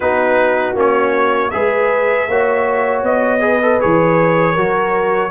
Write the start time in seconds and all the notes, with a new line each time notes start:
0.00 B3 D#4 F#4 B4
0.74 A#3 C#4 C#5
1.50 G#3 G#4 B4 E5
2.28 A#3 F#4 C#5
3.03 B3 D#5
3.40 G#4 B4
3.62 A4
3.80 E3 G#4 C#5
4.52 F#3 F#4 A#4